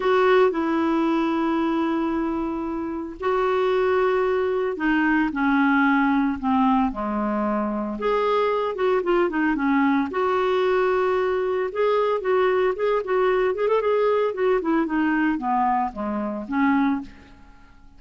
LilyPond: \new Staff \with { instrumentName = "clarinet" } { \time 4/4 \tempo 4 = 113 fis'4 e'2.~ | e'2 fis'2~ | fis'4 dis'4 cis'2 | c'4 gis2 gis'4~ |
gis'8 fis'8 f'8 dis'8 cis'4 fis'4~ | fis'2 gis'4 fis'4 | gis'8 fis'4 gis'16 a'16 gis'4 fis'8 e'8 | dis'4 b4 gis4 cis'4 | }